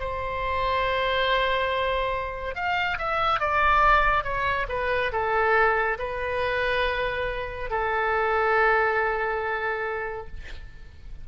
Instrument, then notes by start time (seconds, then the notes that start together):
oboe
0.00 C5
2.55 F5
2.98 E5
3.40 D5
4.24 C#5
4.69 B4
5.12 A4
5.98 B4
7.70 A4